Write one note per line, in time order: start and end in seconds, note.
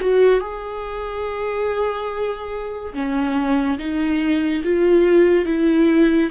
0.00 0.40 F#4
0.40 2.93 G#4
2.93 3.78 C#4
3.78 4.63 D#4
4.63 5.45 F4
5.45 6.30 E4